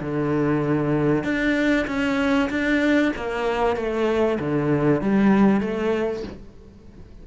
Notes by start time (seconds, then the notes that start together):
0.00 D3
1.23 D4
1.86 C#4
2.49 D4
3.16 A#3
3.76 A3
4.39 D3
5.01 G3
5.60 A3